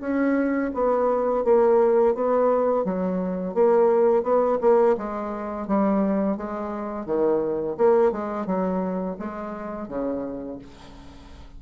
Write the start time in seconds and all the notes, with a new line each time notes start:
0.00 C#4
0.73 B3
1.44 A#3
2.14 B3
2.84 F#3
3.54 A#3
4.23 B3
4.61 A#3
4.97 G#3
5.67 G3
6.37 G#3
7.06 D#3
7.77 A#3
8.11 G#3
8.46 F#3
9.19 G#3
9.88 C#3